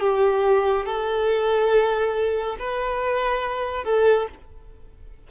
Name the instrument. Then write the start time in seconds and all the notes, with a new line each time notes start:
violin
0.00 G4
0.86 A4
2.59 B4
3.85 A4